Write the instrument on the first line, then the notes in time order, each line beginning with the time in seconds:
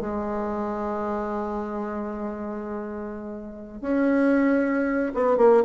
bassoon
0.00 G#3
3.81 C#4
5.14 B3
5.37 A#3